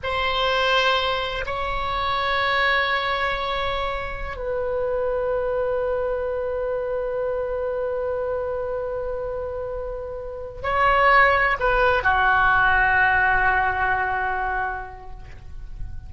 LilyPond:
\new Staff \with { instrumentName = "oboe" } { \time 4/4 \tempo 4 = 127 c''2. cis''4~ | cis''1~ | cis''4~ cis''16 b'2~ b'8.~ | b'1~ |
b'1~ | b'2~ b'8 cis''4.~ | cis''8 b'4 fis'2~ fis'8~ | fis'1 | }